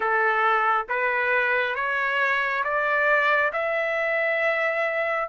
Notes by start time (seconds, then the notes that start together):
0.00 A4
0.88 B4
1.75 C#5
2.64 D5
3.53 E5